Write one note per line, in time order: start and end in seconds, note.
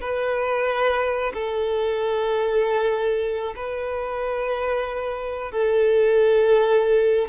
0.00 1.32 B4
1.33 3.54 A4
3.55 5.51 B4
5.51 7.28 A4